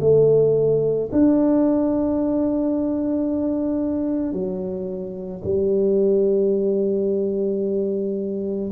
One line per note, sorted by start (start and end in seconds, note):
0.00 1.09 A3
1.12 4.32 D4
4.32 5.41 F#3
5.44 8.71 G3